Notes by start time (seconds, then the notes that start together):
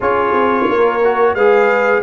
0.00 C#4 F4 G#4 C#5
0.32 C4
0.69 A#3 A#4
1.04 F#4
1.34 G#3 G#4 B4 F5